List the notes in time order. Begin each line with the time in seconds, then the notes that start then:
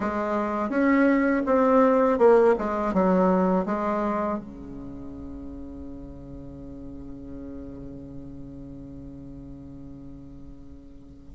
0.00 G#3
0.70 C#4
1.46 C4
2.18 A#3
2.58 G#3
2.93 F#3
3.66 G#3
4.38 C#3